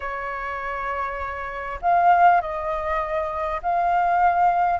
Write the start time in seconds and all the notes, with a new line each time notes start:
0.00 C#5
1.81 F5
2.41 D#5
3.62 F5